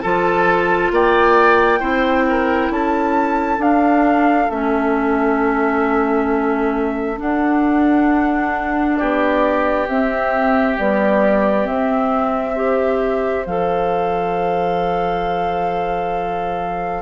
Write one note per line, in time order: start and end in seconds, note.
0.00 0.91 F3
0.00 1.79 F4
0.00 0.92 A4
0.00 0.90 A5
0.91 1.81 A#3
0.91 1.80 D5
0.91 2.72 G5
1.79 2.70 C4
1.79 3.58 E4
1.79 2.24 C5
2.29 2.71 A#4
2.70 3.58 C#4
2.70 8.98 A4
2.70 3.61 A5
3.58 4.48 D4
3.58 4.50 D4
3.58 4.50 F5
4.50 7.18 A3
4.50 7.17 C#4
4.50 7.19 E5
7.17 9.85 D4
7.17 9.00 D4
7.17 8.97 F#5
8.97 9.88 B3
8.97 12.54 G4
8.97 9.87 D5
9.88 10.77 C4
9.88 10.78 E5
10.77 11.65 G3
10.77 11.67 B3
10.77 11.67 D5
11.65 12.54 C4
11.65 13.46 C4
11.65 13.46 E5
12.54 13.45 G4
12.54 17.02 C5
13.46 17.02 F3
13.46 17.02 A4
13.46 17.02 F5